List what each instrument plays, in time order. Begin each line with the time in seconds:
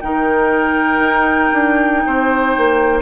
0.00 bassoon D#3, clarinet D#4, oboe A#4, flute G5
0.99 bassoon D#4
1.53 bassoon D4
2.06 bassoon C4, oboe C5
2.57 bassoon A#3